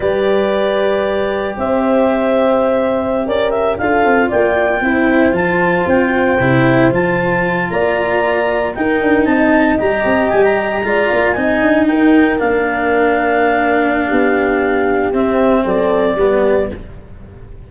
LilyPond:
<<
  \new Staff \with { instrumentName = "clarinet" } { \time 4/4 \tempo 4 = 115 d''2. e''4~ | e''2~ e''16 d''8 e''8 f''8.~ | f''16 g''2 a''4 g''8.~ | g''4~ g''16 a''4. ais''4~ ais''16~ |
ais''8. g''4 a''4 ais''4 gis''16 | ais''4.~ ais''16 gis''4 g''4 f''16~ | f''1~ | f''4 e''4 d''2 | }
  \new Staff \with { instrumentName = "horn" } { \time 4/4 b'2. c''4~ | c''2~ c''16 ais'4 a'8.~ | a'16 d''4 c''2~ c''8.~ | c''2~ c''8. d''4~ d''16~ |
d''8. ais'4 dis''2~ dis''16~ | dis''8. d''4 dis''4 ais'4~ ais'16~ | ais'2. g'4~ | g'2 a'4 g'4 | }
  \new Staff \with { instrumentName = "cello" } { \time 4/4 g'1~ | g'2.~ g'16 f'8.~ | f'4~ f'16 e'4 f'4.~ f'16~ | f'16 e'4 f'2~ f'8.~ |
f'8. dis'2 g'4~ g'16~ | g'8. f'4 dis'2 d'16~ | d'1~ | d'4 c'2 b4 | }
  \new Staff \with { instrumentName = "tuba" } { \time 4/4 g2. c'4~ | c'2~ c'16 cis'4 d'8 c'16~ | c'16 ais4 c'4 f4 c'8.~ | c'16 c4 f4. ais4~ ais16~ |
ais8. dis'8 d'8 c'4 g8 c'8 g16~ | g8. gis8 ais8 c'8 d'8 dis'4 ais16~ | ais2. b4~ | b4 c'4 fis4 g4 | }
>>